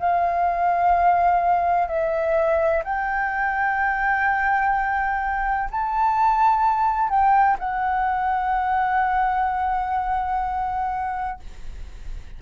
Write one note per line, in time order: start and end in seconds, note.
0.00 1.88 F5
1.88 2.84 E5
2.84 5.70 G5
5.72 7.10 A5
7.10 7.58 G5
7.59 11.40 F#5